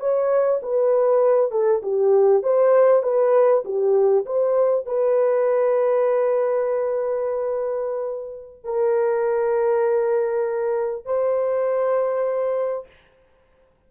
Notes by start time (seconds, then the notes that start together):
0.00 C#5
0.62 B4
1.52 A4
1.83 G4
2.43 C5
3.03 B4
3.65 G4
4.26 C5
4.86 B4
8.64 A#4
11.05 C5